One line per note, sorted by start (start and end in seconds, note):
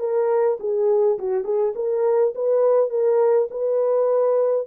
0.00 0.58 A#4
0.60 1.18 G#4
1.19 1.44 F#4
1.44 1.73 G#4
1.76 2.34 A#4
2.35 2.90 B4
2.90 3.48 A#4
3.51 4.68 B4